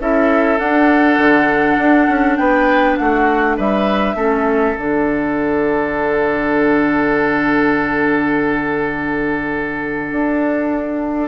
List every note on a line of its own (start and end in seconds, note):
0.00 0.59 C#4
0.00 0.59 E4
0.00 2.39 A4
0.00 0.59 E5
0.59 1.18 D4
0.59 4.16 D4
0.59 2.37 F#5
1.18 1.77 D3
1.78 2.08 D4
2.09 2.38 C#4
2.37 2.98 B3
2.37 2.99 B4
2.37 2.96 G5
2.98 3.59 A3
2.98 3.57 F#4
2.98 3.57 F#5
3.57 4.15 G3
3.57 4.16 B4
3.57 4.77 E5
4.15 4.75 A3
4.15 4.76 C#4
4.15 11.28 A4
4.77 10.12 D3
4.77 11.28 D4
4.77 11.28 F#5
10.12 11.28 D4